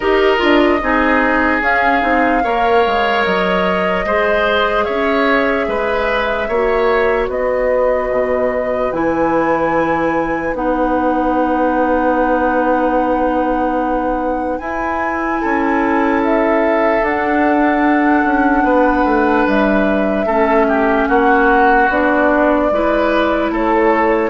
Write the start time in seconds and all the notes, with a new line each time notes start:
0.00 D#4 G4 A#4 D#5
0.37 D4 F4
0.81 C4 D#4 G#4
1.61 C#4 F5
2.01 C4 D#4
2.43 A#3 A#4 C#5
2.86 G#3
3.25 F#3 D#5
4.04 G#3 G#4 C5
4.84 C#4 C#5 E5
5.67 G#3 B4
6.48 A#3 F#4 C#5
7.28 B3 B4 D#5
8.10 B2
8.92 E3 E4 G#5
10.53 B3 D#4 F#5
14.58 E4 G#5
15.40 C#4 A4
16.24 E5
17.01 D4 F#5
18.24 C#4
18.63 B3 B4
19.04 A3
19.47 G3 E5
20.25 A3 C#4 A4
20.68 G4
21.07 A#3 F#4 F#5
21.89 B3 D4 D5
22.71 G#3 E4 B4
23.50 A3 A4 C#5